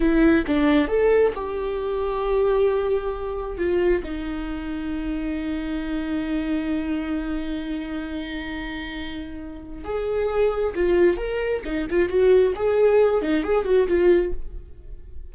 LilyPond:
\new Staff \with { instrumentName = "viola" } { \time 4/4 \tempo 4 = 134 e'4 d'4 a'4 g'4~ | g'1 | f'4 dis'2.~ | dis'1~ |
dis'1~ | dis'2 gis'2 | f'4 ais'4 dis'8 f'8 fis'4 | gis'4. dis'8 gis'8 fis'8 f'4 | }